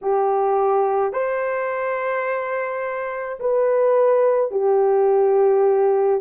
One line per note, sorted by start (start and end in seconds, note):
0.01 1.13 G4
1.13 3.39 C5
3.40 4.51 B4
4.51 6.21 G4